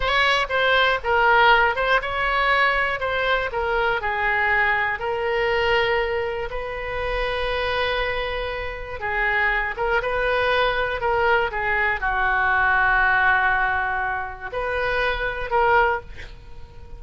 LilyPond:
\new Staff \with { instrumentName = "oboe" } { \time 4/4 \tempo 4 = 120 cis''4 c''4 ais'4. c''8 | cis''2 c''4 ais'4 | gis'2 ais'2~ | ais'4 b'2.~ |
b'2 gis'4. ais'8 | b'2 ais'4 gis'4 | fis'1~ | fis'4 b'2 ais'4 | }